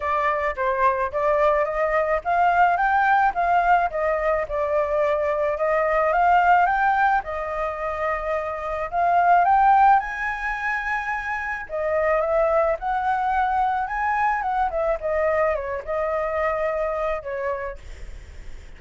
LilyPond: \new Staff \with { instrumentName = "flute" } { \time 4/4 \tempo 4 = 108 d''4 c''4 d''4 dis''4 | f''4 g''4 f''4 dis''4 | d''2 dis''4 f''4 | g''4 dis''2. |
f''4 g''4 gis''2~ | gis''4 dis''4 e''4 fis''4~ | fis''4 gis''4 fis''8 e''8 dis''4 | cis''8 dis''2~ dis''8 cis''4 | }